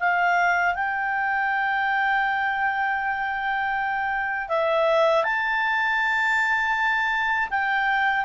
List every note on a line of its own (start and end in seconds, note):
0.00 0.75 F5
0.75 4.49 G5
4.49 5.24 E5
5.24 7.49 A5
7.50 8.25 G5